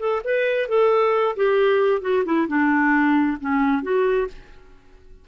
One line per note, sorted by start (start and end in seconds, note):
0.00 0.22 A4
0.25 0.69 B4
0.69 1.36 A4
1.36 2.02 G4
2.02 2.24 F#4
2.25 2.48 E4
2.48 3.38 D4
3.41 3.83 C#4
3.83 4.28 F#4